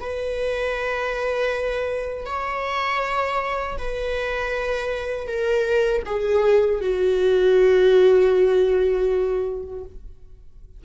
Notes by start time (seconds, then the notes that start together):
0.00 B4
2.26 C#5
3.78 B4
5.27 A#4
6.06 G#4
6.81 F#4